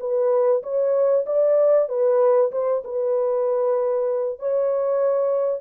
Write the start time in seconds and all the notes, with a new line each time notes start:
0.00 B4
0.63 C#5
1.26 D5
1.89 B4
2.52 C5
2.84 B4
4.39 C#5